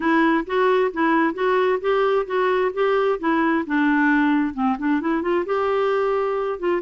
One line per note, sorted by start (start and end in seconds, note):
0.00 0.44 E4
0.46 0.91 F#4
0.93 1.33 E4
1.33 1.79 F#4
1.80 2.26 G4
2.26 2.71 F#4
2.73 3.19 G4
3.19 3.64 E4
3.66 4.54 D4
4.54 4.76 C4
4.78 5.00 D4
5.00 5.21 E4
5.21 5.44 F4
5.45 6.59 G4
6.59 6.82 F4